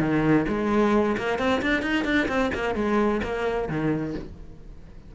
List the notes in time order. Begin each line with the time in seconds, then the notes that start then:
0.00 D#3
0.48 G#3
1.18 A#3
1.38 C4
1.62 D4
1.82 D#4
2.04 D4
2.28 C4
2.54 A#3
2.75 G#3
3.24 A#3
3.69 D#3